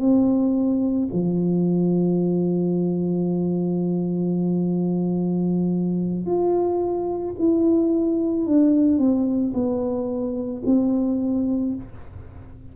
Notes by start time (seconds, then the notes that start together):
0.00 C4
1.13 F3
6.26 F4
7.39 E4
8.46 D4
8.99 C4
9.54 B3
10.66 C4